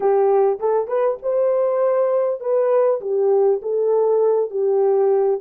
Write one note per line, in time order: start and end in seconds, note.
0.00 0.59 G4
0.59 0.87 A4
0.87 1.17 B4
1.22 2.40 C5
2.40 3.00 B4
3.00 3.60 G4
3.62 4.50 A4
4.50 5.40 G4